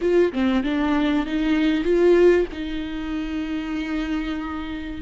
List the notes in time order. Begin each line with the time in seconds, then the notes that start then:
0.01 F4
0.32 C4
0.63 D4
1.26 D#4
1.84 F4
2.52 D#4